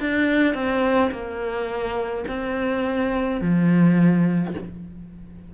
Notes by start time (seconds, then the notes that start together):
0.00 D4
0.55 C4
1.12 A#3
2.28 C4
3.42 F3